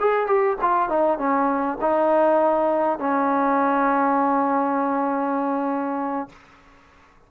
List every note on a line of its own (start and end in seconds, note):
0.00 0.26 G#4
0.26 0.56 G4
0.61 0.89 F4
0.89 1.18 D#4
1.18 1.78 C#4
1.81 2.99 D#4
2.99 6.29 C#4